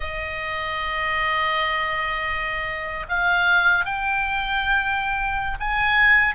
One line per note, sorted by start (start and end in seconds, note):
0.00 3.06 D#5
3.08 3.85 F5
3.85 5.58 G5
5.60 6.35 G#5